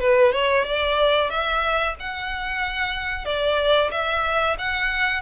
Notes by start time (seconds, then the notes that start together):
0.00 B4
0.32 C#5
0.64 D5
1.30 E5
2.00 F#5
3.25 D5
3.91 E5
4.58 F#5